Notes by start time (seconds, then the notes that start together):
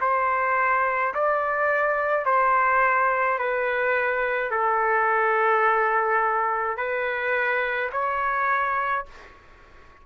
0.00 C5
1.14 D5
2.25 C5
3.38 B4
4.50 A4
6.77 B4
7.92 C#5